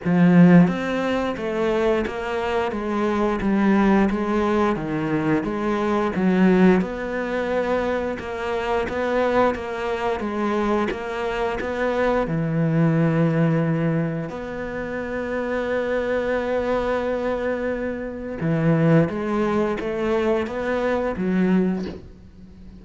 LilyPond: \new Staff \with { instrumentName = "cello" } { \time 4/4 \tempo 4 = 88 f4 c'4 a4 ais4 | gis4 g4 gis4 dis4 | gis4 fis4 b2 | ais4 b4 ais4 gis4 |
ais4 b4 e2~ | e4 b2.~ | b2. e4 | gis4 a4 b4 fis4 | }